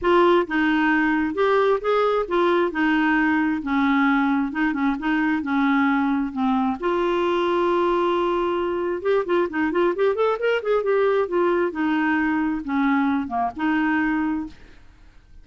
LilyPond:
\new Staff \with { instrumentName = "clarinet" } { \time 4/4 \tempo 4 = 133 f'4 dis'2 g'4 | gis'4 f'4 dis'2 | cis'2 dis'8 cis'8 dis'4 | cis'2 c'4 f'4~ |
f'1 | g'8 f'8 dis'8 f'8 g'8 a'8 ais'8 gis'8 | g'4 f'4 dis'2 | cis'4. ais8 dis'2 | }